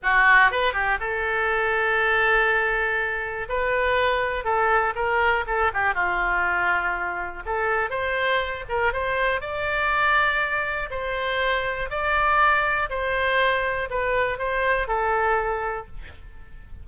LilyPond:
\new Staff \with { instrumentName = "oboe" } { \time 4/4 \tempo 4 = 121 fis'4 b'8 g'8 a'2~ | a'2. b'4~ | b'4 a'4 ais'4 a'8 g'8 | f'2. a'4 |
c''4. ais'8 c''4 d''4~ | d''2 c''2 | d''2 c''2 | b'4 c''4 a'2 | }